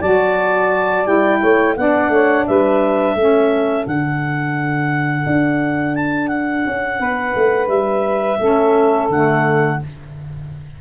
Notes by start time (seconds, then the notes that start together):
0.00 F#3 F#4 D5 A5
1.05 G3 E4 G5
1.40 A3 C#5
1.76 B3 D4 D5 F#5
2.09 A3 C#5
2.46 G3 B4 E5
3.15 A3 C#4 A4
3.86 D3 D4 F#5
5.26 D4
5.95 A5
6.28 F#5
6.66 C#4
6.99 B3 B4
7.35 A3
7.68 G3 E5
8.39 A3 C#4 A4
9.09 D3 A3 F#5